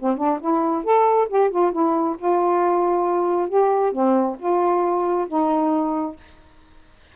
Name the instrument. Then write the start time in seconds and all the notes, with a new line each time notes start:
saxophone
0.00 C4
0.18 D4
0.41 E4
0.84 A4
1.29 G4
1.51 F4
1.72 E4
2.19 F4
3.49 G4
3.93 C4
4.40 F4
5.28 D#4